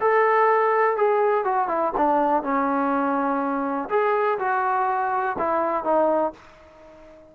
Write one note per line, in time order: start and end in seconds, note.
0.00 0.96 A4
0.96 1.44 G#4
1.44 1.68 F#4
1.68 1.92 E4
1.97 2.42 D4
2.42 3.89 C#4
3.89 4.38 G#4
4.38 5.36 F#4
5.38 5.84 E4
5.84 6.32 D#4